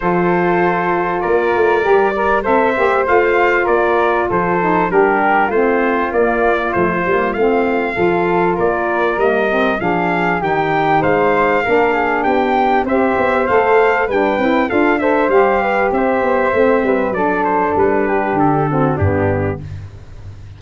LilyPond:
<<
  \new Staff \with { instrumentName = "trumpet" } { \time 4/4 \tempo 4 = 98 c''2 d''2 | e''4 f''4 d''4 c''4 | ais'4 c''4 d''4 c''4 | f''2 d''4 dis''4 |
f''4 g''4 f''2 | g''4 e''4 f''4 g''4 | f''8 e''8 f''4 e''2 | d''8 c''8 b'4 a'4 g'4 | }
  \new Staff \with { instrumentName = "flute" } { \time 4/4 a'2 ais'4. d''8 | c''2 ais'4 a'4 | g'4 f'2.~ | f'4 a'4 ais'2 |
gis'4 g'4 c''4 ais'8 gis'8 | g'4 c''2 b'4 | a'8 c''4 b'8 c''4. b'8 | a'4. g'4 fis'8 d'4 | }
  \new Staff \with { instrumentName = "saxophone" } { \time 4/4 f'2. g'8 ais'8 | a'8 g'8 f'2~ f'8 dis'8 | d'4 c'4 ais4 a8 ais8 | c'4 f'2 ais8 c'8 |
d'4 dis'2 d'4~ | d'4 g'4 a'4 d'8 e'8 | f'8 a'8 g'2 c'4 | d'2~ d'8 c'8 b4 | }
  \new Staff \with { instrumentName = "tuba" } { \time 4/4 f2 ais8 a8 g4 | c'8 ais8 a4 ais4 f4 | g4 a4 ais4 f8 g8 | a4 f4 ais4 g4 |
f4 dis4 gis4 ais4 | b4 c'8 b8 a4 g8 c'8 | d'4 g4 c'8 b8 a8 g8 | fis4 g4 d4 g,4 | }
>>